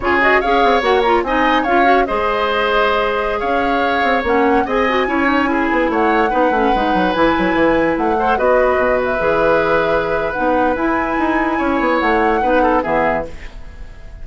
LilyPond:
<<
  \new Staff \with { instrumentName = "flute" } { \time 4/4 \tempo 4 = 145 cis''8 dis''8 f''4 fis''8 ais''8 gis''4 | f''4 dis''2.~ | dis''16 f''2 fis''4 gis''8.~ | gis''2~ gis''16 fis''4.~ fis''16~ |
fis''4~ fis''16 gis''2 fis''8.~ | fis''16 dis''4. e''2~ e''16~ | e''4 fis''4 gis''2~ | gis''4 fis''2 e''4 | }
  \new Staff \with { instrumentName = "oboe" } { \time 4/4 gis'4 cis''2 dis''4 | cis''4 c''2.~ | c''16 cis''2. dis''8.~ | dis''16 cis''4 gis'4 cis''4 b'8.~ |
b'2.~ b'8. c''16~ | c''16 b'2.~ b'8.~ | b'1 | cis''2 b'8 a'8 gis'4 | }
  \new Staff \with { instrumentName = "clarinet" } { \time 4/4 f'8 fis'8 gis'4 fis'8 f'8 dis'4 | f'8 fis'8 gis'2.~ | gis'2~ gis'16 cis'4 gis'8 fis'16~ | fis'16 e'8 dis'8 e'2 dis'8 cis'16~ |
cis'16 dis'4 e'2~ e'8 a'16~ | a'16 fis'2 gis'4.~ gis'16~ | gis'4 dis'4 e'2~ | e'2 dis'4 b4 | }
  \new Staff \with { instrumentName = "bassoon" } { \time 4/4 cis4 cis'8 c'8 ais4 c'4 | cis'4 gis2.~ | gis16 cis'4. c'8 ais4 c'8.~ | c'16 cis'4. b8 a4 b8 a16~ |
a16 gis8 fis8 e8 fis8 e4 a8.~ | a16 b4 b,4 e4.~ e16~ | e4 b4 e'4 dis'4 | cis'8 b8 a4 b4 e4 | }
>>